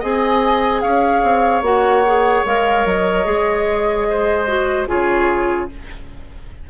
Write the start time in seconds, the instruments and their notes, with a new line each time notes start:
0.00 bassoon C4, clarinet G#4, oboe D#5, flute G#5
0.81 bassoon C#4, oboe C#5, flute F5
1.23 bassoon C4
1.62 bassoon A#3, clarinet F#4, flute F#5
2.06 clarinet G#4
2.45 bassoon G#3, clarinet A#4, flute F5
2.86 bassoon F#3, flute D#5
3.25 bassoon G#3, clarinet G#4
4.10 oboe C5
4.48 clarinet F#4
4.87 bassoon C#3, clarinet F4, oboe G#4, flute C#5